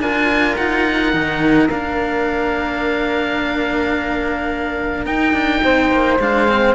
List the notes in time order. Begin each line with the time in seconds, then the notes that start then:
0.00 D4 F4 A#4 G#5
0.57 D#4 F#5
1.13 D#3 D#4
1.70 A#3 D4 F5
5.06 D#4 G5
5.33 D4
5.64 C4 C5
5.92 A#3
6.20 G#3 D4 F5
6.48 C4